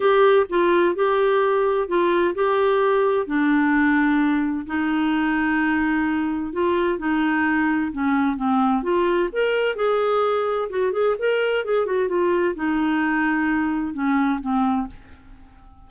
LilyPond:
\new Staff \with { instrumentName = "clarinet" } { \time 4/4 \tempo 4 = 129 g'4 f'4 g'2 | f'4 g'2 d'4~ | d'2 dis'2~ | dis'2 f'4 dis'4~ |
dis'4 cis'4 c'4 f'4 | ais'4 gis'2 fis'8 gis'8 | ais'4 gis'8 fis'8 f'4 dis'4~ | dis'2 cis'4 c'4 | }